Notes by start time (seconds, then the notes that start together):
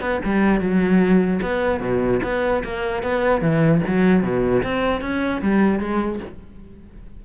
0.00 B3
0.24 G3
0.60 F#3
1.42 B3
1.80 B2
2.23 B3
2.63 A#3
3.03 B3
3.41 E3
3.87 F#3
4.22 B2
4.63 C4
5.01 C#4
5.41 G3
5.79 G#3